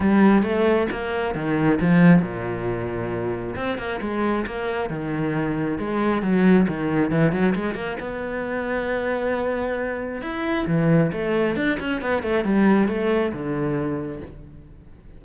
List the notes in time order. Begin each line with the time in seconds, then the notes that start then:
0.00 G3
0.42 A3
0.91 A#3
1.35 D#3
1.80 F3
2.22 A#2
3.56 C4
3.77 A#3
4.01 G#3
4.46 A#3
4.89 D#3
5.78 G#3
6.22 F#3
6.68 D#3
7.10 E3
7.32 F#3
7.55 G#3
7.75 A#3
7.99 B3
10.21 E4
10.67 E3
11.12 A3
11.56 D4
11.79 C#4
12.01 B3
12.23 A3
12.44 G3
12.88 A3
13.32 D3